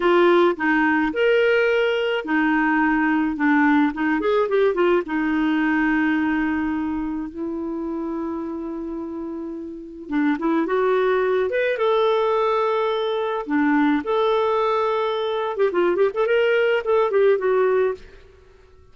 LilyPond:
\new Staff \with { instrumentName = "clarinet" } { \time 4/4 \tempo 4 = 107 f'4 dis'4 ais'2 | dis'2 d'4 dis'8 gis'8 | g'8 f'8 dis'2.~ | dis'4 e'2.~ |
e'2 d'8 e'8 fis'4~ | fis'8 b'8 a'2. | d'4 a'2~ a'8. g'16 | f'8 g'16 a'16 ais'4 a'8 g'8 fis'4 | }